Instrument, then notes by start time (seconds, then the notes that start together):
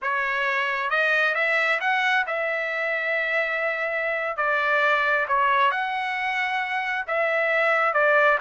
trumpet
0.01 C#5
0.90 D#5
1.35 E5
1.80 F#5
2.26 E5
4.37 D5
5.28 C#5
5.71 F#5
7.07 E5
7.93 D5